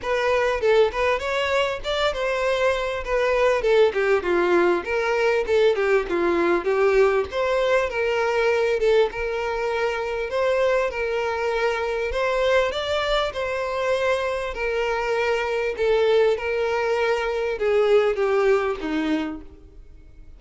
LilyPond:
\new Staff \with { instrumentName = "violin" } { \time 4/4 \tempo 4 = 99 b'4 a'8 b'8 cis''4 d''8 c''8~ | c''4 b'4 a'8 g'8 f'4 | ais'4 a'8 g'8 f'4 g'4 | c''4 ais'4. a'8 ais'4~ |
ais'4 c''4 ais'2 | c''4 d''4 c''2 | ais'2 a'4 ais'4~ | ais'4 gis'4 g'4 dis'4 | }